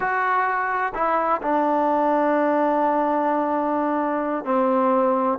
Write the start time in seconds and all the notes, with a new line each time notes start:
0.00 F#4
0.94 E4
1.41 D4
4.44 C4